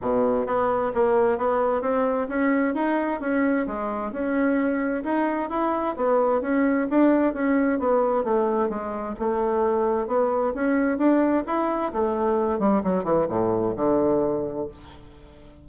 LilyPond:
\new Staff \with { instrumentName = "bassoon" } { \time 4/4 \tempo 4 = 131 b,4 b4 ais4 b4 | c'4 cis'4 dis'4 cis'4 | gis4 cis'2 dis'4 | e'4 b4 cis'4 d'4 |
cis'4 b4 a4 gis4 | a2 b4 cis'4 | d'4 e'4 a4. g8 | fis8 e8 a,4 d2 | }